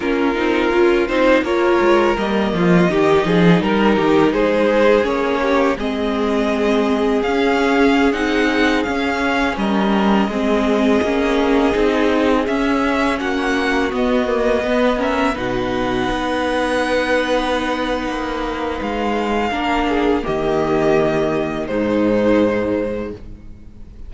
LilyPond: <<
  \new Staff \with { instrumentName = "violin" } { \time 4/4 \tempo 4 = 83 ais'4. c''8 cis''4 dis''4~ | dis''4 ais'4 c''4 cis''4 | dis''2 f''4~ f''16 fis''8.~ | fis''16 f''4 dis''2~ dis''8.~ |
dis''4~ dis''16 e''4 fis''4 dis''8.~ | dis''8. e''8 fis''2~ fis''8.~ | fis''2 f''2 | dis''2 c''2 | }
  \new Staff \with { instrumentName = "violin" } { \time 4/4 f'2 ais'4. f'8 | g'8 gis'8 ais'8 g'8 gis'4. g'8 | gis'1~ | gis'4~ gis'16 ais'4 gis'4.~ gis'16~ |
gis'2~ gis'16 fis'4.~ fis'16~ | fis'16 b'8 ais'8 b'2~ b'8.~ | b'2. ais'8 gis'8 | g'2 dis'2 | }
  \new Staff \with { instrumentName = "viola" } { \time 4/4 cis'8 dis'8 f'8 dis'8 f'4 ais4 | dis'2. cis'4 | c'2 cis'4~ cis'16 dis'8.~ | dis'16 cis'2 c'4 cis'8.~ |
cis'16 dis'4 cis'2 b8 ais16~ | ais16 b8 cis'8 dis'2~ dis'8.~ | dis'2. d'4 | ais2 gis2 | }
  \new Staff \with { instrumentName = "cello" } { \time 4/4 ais8 c'8 cis'8 c'8 ais8 gis8 g8 f8 | dis8 f8 g8 dis8 gis4 ais4 | gis2 cis'4~ cis'16 c'8.~ | c'16 cis'4 g4 gis4 ais8.~ |
ais16 c'4 cis'4 ais4 b8.~ | b4~ b16 b,4 b4.~ b16~ | b4 ais4 gis4 ais4 | dis2 gis,2 | }
>>